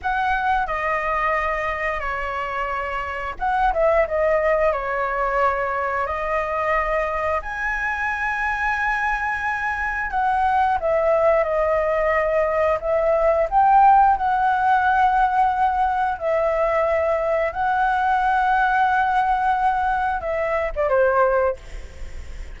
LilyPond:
\new Staff \with { instrumentName = "flute" } { \time 4/4 \tempo 4 = 89 fis''4 dis''2 cis''4~ | cis''4 fis''8 e''8 dis''4 cis''4~ | cis''4 dis''2 gis''4~ | gis''2. fis''4 |
e''4 dis''2 e''4 | g''4 fis''2. | e''2 fis''2~ | fis''2 e''8. d''16 c''4 | }